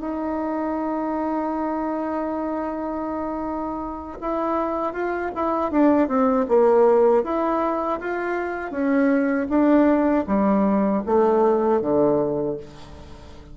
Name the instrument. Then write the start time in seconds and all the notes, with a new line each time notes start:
bassoon
0.00 D#4
4.21 E4
4.93 F4
5.35 E4
5.71 D4
6.08 C4
6.48 A#3
7.24 E4
8.00 F4
8.71 C#4
9.49 D4
10.27 G3
11.06 A3
11.81 D3